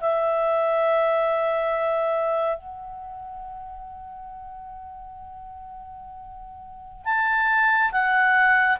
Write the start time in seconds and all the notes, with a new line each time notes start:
0.00 E5
2.57 F#5
7.05 A5
7.92 F#5